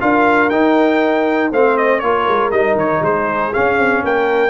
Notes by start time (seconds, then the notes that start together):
0.00 D4 F4 A#4 F5
0.50 D#4 G5
1.51 A3 C4 C5 F5
1.77 D#5
1.99 A#3 F4 A#4 C#5
2.28 G#3
2.51 G3 D#4 D#5
2.75 D#3 C#5
3.01 G#3 G#4 C5
3.53 C#4 F5
3.78 C4
4.04 A#3 A#4 G5